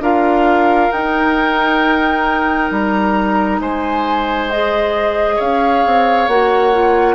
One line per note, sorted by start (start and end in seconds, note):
0.00 0.90 D4
0.00 0.92 F4
0.00 3.60 A#4
0.00 0.92 F5
0.92 2.71 D#4
0.92 4.50 D#4
0.92 2.71 G5
2.71 3.60 G3
2.71 3.61 A#5
3.60 5.39 G#3
3.60 5.36 C5
3.60 4.51 G#5
4.51 6.30 G#4
4.51 5.40 D#5
5.36 5.85 C#4
5.36 7.15 C#5
5.36 6.29 F5
5.86 6.28 C4
6.28 7.15 A#3
6.28 6.73 F#4
6.28 7.15 F#5
6.73 7.15 F4